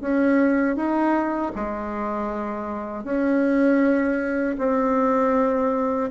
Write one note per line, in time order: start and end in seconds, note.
0.00 0.76 C#4
0.76 1.52 D#4
1.55 3.04 G#3
3.04 4.56 C#4
4.58 6.10 C4